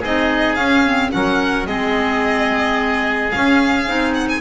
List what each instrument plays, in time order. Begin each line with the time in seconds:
0.00 double bass C4, clarinet D#4, oboe G#4, violin D#5
0.55 double bass C#4, clarinet C#4, violin F5
0.85 clarinet C4
1.11 double bass F#3, clarinet C#4, oboe A#4, violin F#5
1.67 double bass G#3, clarinet C4, oboe G#4, violin D#5
3.31 clarinet C#4, double bass C#4, violin F5
3.87 double bass C4, clarinet D#4
4.14 violin F#5
4.29 violin G#5